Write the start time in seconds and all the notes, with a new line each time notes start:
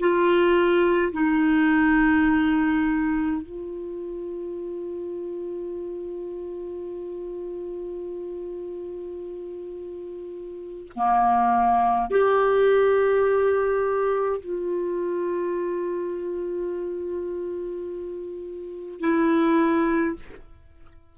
0.00 F4
1.13 D#4
3.42 F4
10.96 A#3
12.10 G4
14.41 F4
19.00 E4